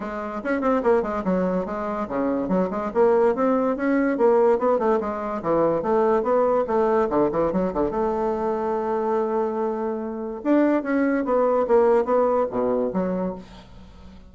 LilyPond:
\new Staff \with { instrumentName = "bassoon" } { \time 4/4 \tempo 4 = 144 gis4 cis'8 c'8 ais8 gis8 fis4 | gis4 cis4 fis8 gis8 ais4 | c'4 cis'4 ais4 b8 a8 | gis4 e4 a4 b4 |
a4 d8 e8 fis8 d8 a4~ | a1~ | a4 d'4 cis'4 b4 | ais4 b4 b,4 fis4 | }